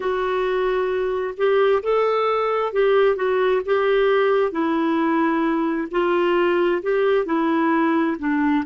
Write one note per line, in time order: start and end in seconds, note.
0.00 1.34 F#4
1.37 1.82 G4
1.83 2.72 A4
2.72 3.16 G4
3.16 3.61 F#4
3.65 4.51 G4
4.51 5.88 E4
5.91 6.82 F4
6.82 7.25 G4
7.25 8.16 E4
8.19 8.64 D4